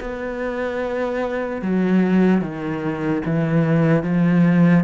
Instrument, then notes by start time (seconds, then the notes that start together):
cello
0.00 B3
1.61 F#3
2.41 D#3
3.25 E3
4.03 F3